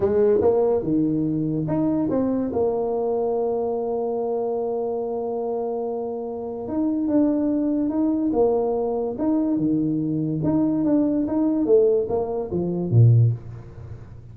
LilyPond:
\new Staff \with { instrumentName = "tuba" } { \time 4/4 \tempo 4 = 144 gis4 ais4 dis2 | dis'4 c'4 ais2~ | ais1~ | ais1 |
dis'4 d'2 dis'4 | ais2 dis'4 dis4~ | dis4 dis'4 d'4 dis'4 | a4 ais4 f4 ais,4 | }